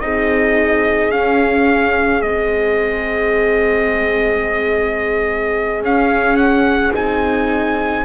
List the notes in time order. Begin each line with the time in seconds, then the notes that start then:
0.00 C4 D#4 G#4 D#5
1.11 C#4 F5
2.22 G#3 C4 D#5
5.81 C#4 F5
6.37 F#5
6.94 C4 D#4 G#5